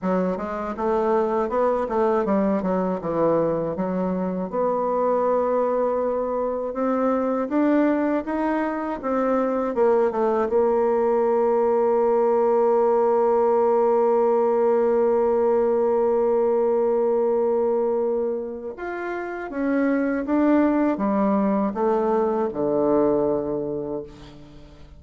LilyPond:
\new Staff \with { instrumentName = "bassoon" } { \time 4/4 \tempo 4 = 80 fis8 gis8 a4 b8 a8 g8 fis8 | e4 fis4 b2~ | b4 c'4 d'4 dis'4 | c'4 ais8 a8 ais2~ |
ais1~ | ais1~ | ais4 f'4 cis'4 d'4 | g4 a4 d2 | }